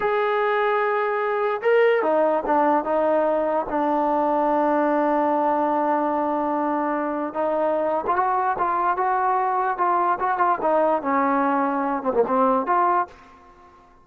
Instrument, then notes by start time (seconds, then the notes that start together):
trombone
0.00 G#4
1.61 A#4
2.02 D#4
2.46 D4
2.84 D#4
3.69 D4
7.33 D#4
8.06 F4
8.16 F#4
8.58 F4
8.97 F#4
9.77 F4
10.19 F#4
10.38 F4
10.61 D#4
11.01 C#4
12.02 C4
12.13 A#3
12.27 C4
12.66 F4